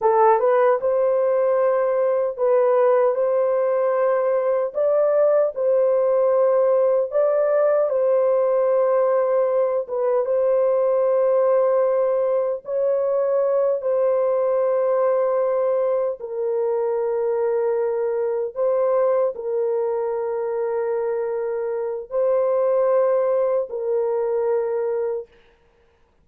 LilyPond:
\new Staff \with { instrumentName = "horn" } { \time 4/4 \tempo 4 = 76 a'8 b'8 c''2 b'4 | c''2 d''4 c''4~ | c''4 d''4 c''2~ | c''8 b'8 c''2. |
cis''4. c''2~ c''8~ | c''8 ais'2. c''8~ | c''8 ais'2.~ ais'8 | c''2 ais'2 | }